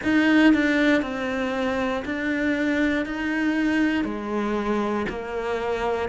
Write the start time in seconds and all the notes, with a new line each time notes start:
0.03 D#4
0.53 D4
1.02 C4
2.05 D4
3.05 D#4
4.04 G#3
5.09 A#3